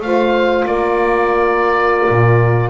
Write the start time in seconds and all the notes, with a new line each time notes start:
0.00 A3 F4 C5 F5
0.65 A#3 A#4 D5
2.09 A#2